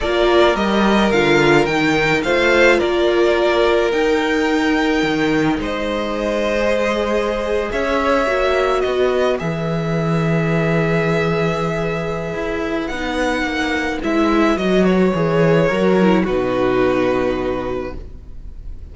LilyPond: <<
  \new Staff \with { instrumentName = "violin" } { \time 4/4 \tempo 4 = 107 d''4 dis''4 f''4 g''4 | f''4 d''2 g''4~ | g''2 dis''2~ | dis''4.~ dis''16 e''2 dis''16~ |
dis''8. e''2.~ e''16~ | e''2. fis''4~ | fis''4 e''4 dis''8 cis''4.~ | cis''4 b'2. | }
  \new Staff \with { instrumentName = "violin" } { \time 4/4 ais'1 | c''4 ais'2.~ | ais'2 c''2~ | c''4.~ c''16 cis''2 b'16~ |
b'1~ | b'1~ | b'1 | ais'4 fis'2. | }
  \new Staff \with { instrumentName = "viola" } { \time 4/4 f'4 g'4 f'4 dis'4 | f'2. dis'4~ | dis'2.~ dis'8. gis'16~ | gis'2~ gis'8. fis'4~ fis'16~ |
fis'8. gis'2.~ gis'16~ | gis'2. dis'4~ | dis'4 e'4 fis'4 gis'4 | fis'8 e'8 dis'2. | }
  \new Staff \with { instrumentName = "cello" } { \time 4/4 ais4 g4 d4 dis4 | a4 ais2 dis'4~ | dis'4 dis4 gis2~ | gis4.~ gis16 cis'4 ais4 b16~ |
b8. e2.~ e16~ | e2 e'4 b4 | ais4 gis4 fis4 e4 | fis4 b,2. | }
>>